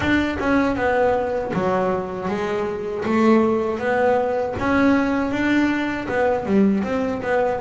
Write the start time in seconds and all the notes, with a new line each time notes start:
0.00 D4
0.39 C#4
0.76 B3
1.53 F#3
2.28 G#3
3.05 A3
3.78 B3
4.59 C#4
5.31 D4
6.08 B3
6.45 G3
6.83 C4
7.22 B3